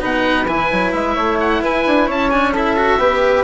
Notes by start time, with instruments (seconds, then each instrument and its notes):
0.00 bassoon B2, cello D#4, flute B4, oboe F#5
0.47 bassoon E3, cello E4, oboe G#5
0.71 bassoon F#3
0.92 bassoon G#3, oboe E5
1.15 bassoon A3, flute C#5
1.40 oboe F#5
1.61 bassoon E4, flute B4, oboe G#5
1.86 bassoon D4
2.07 bassoon C#4, flute C#5, oboe A5
2.30 cello D4, oboe G#5
2.53 cello E4, flute A4, oboe E5
2.76 cello F#4
2.97 bassoon B3, cello G4, flute B4